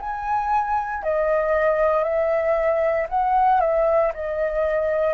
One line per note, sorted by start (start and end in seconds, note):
0.00 1.03 G#5
1.03 2.03 D#5
2.03 3.07 E5
3.09 3.60 F#5
3.60 4.12 E5
4.14 5.14 D#5